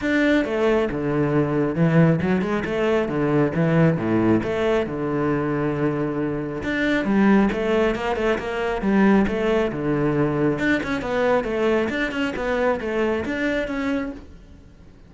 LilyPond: \new Staff \with { instrumentName = "cello" } { \time 4/4 \tempo 4 = 136 d'4 a4 d2 | e4 fis8 gis8 a4 d4 | e4 a,4 a4 d4~ | d2. d'4 |
g4 a4 ais8 a8 ais4 | g4 a4 d2 | d'8 cis'8 b4 a4 d'8 cis'8 | b4 a4 d'4 cis'4 | }